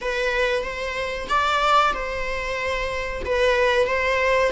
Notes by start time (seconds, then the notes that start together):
0.01 B4
0.63 C5
1.28 D5
1.93 C5
3.25 B4
3.87 C5